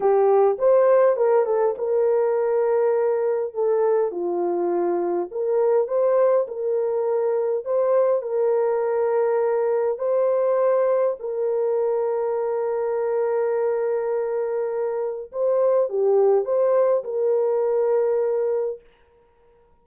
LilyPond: \new Staff \with { instrumentName = "horn" } { \time 4/4 \tempo 4 = 102 g'4 c''4 ais'8 a'8 ais'4~ | ais'2 a'4 f'4~ | f'4 ais'4 c''4 ais'4~ | ais'4 c''4 ais'2~ |
ais'4 c''2 ais'4~ | ais'1~ | ais'2 c''4 g'4 | c''4 ais'2. | }